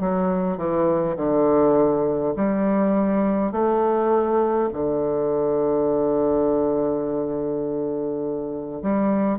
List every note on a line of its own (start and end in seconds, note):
0.00 0.57 F#3
0.57 1.16 E3
1.17 2.34 D3
2.36 3.51 G3
3.51 4.69 A3
4.73 8.82 D3
8.82 9.39 G3